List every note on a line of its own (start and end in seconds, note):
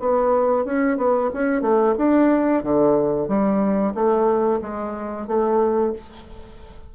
0.00 0.65 B3
0.65 0.97 C#4
0.97 1.30 B3
1.34 1.62 C#4
1.62 1.95 A3
1.98 2.63 D4
2.63 3.28 D3
3.28 3.94 G3
3.94 4.60 A3
4.62 5.27 G#3
5.27 5.93 A3